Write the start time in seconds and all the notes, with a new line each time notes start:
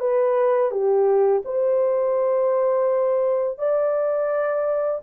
0.00 B4
0.71 G4
1.45 C5
3.58 D5